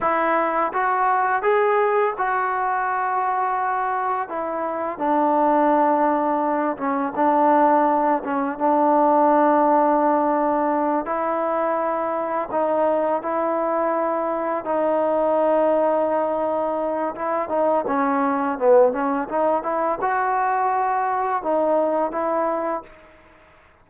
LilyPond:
\new Staff \with { instrumentName = "trombone" } { \time 4/4 \tempo 4 = 84 e'4 fis'4 gis'4 fis'4~ | fis'2 e'4 d'4~ | d'4. cis'8 d'4. cis'8 | d'2.~ d'8 e'8~ |
e'4. dis'4 e'4.~ | e'8 dis'2.~ dis'8 | e'8 dis'8 cis'4 b8 cis'8 dis'8 e'8 | fis'2 dis'4 e'4 | }